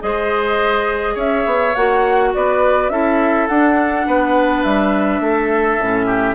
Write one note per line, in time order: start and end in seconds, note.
0.00 1.16 G#3
0.00 1.73 G#4
0.00 1.14 C5
0.00 1.17 D#5
1.14 1.45 C#4
1.14 2.30 C#5
1.14 1.75 E5
1.46 1.74 B3
1.75 2.34 A#3
1.75 2.91 F#4
1.75 2.33 F#5
2.34 2.89 B3
2.34 2.92 B4
2.34 2.89 D5
2.89 3.47 C#4
2.89 3.49 E4
2.89 4.07 A4
2.89 3.47 E5
3.47 4.06 D4
3.47 5.81 D4
3.47 4.63 F#5
4.06 4.64 B3
4.06 5.22 B4
4.63 5.20 G3
4.63 6.35 E5
5.20 5.77 A3
5.20 6.06 A4
5.79 6.35 A2
5.79 6.35 C#4
6.06 6.35 G4